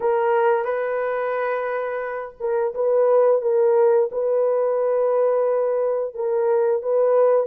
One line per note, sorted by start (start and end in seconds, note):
0.00 0.64 A#4
0.64 2.35 B4
2.40 2.74 A#4
2.74 3.41 B4
3.41 4.09 A#4
4.11 6.14 B4
6.14 6.82 A#4
6.82 7.46 B4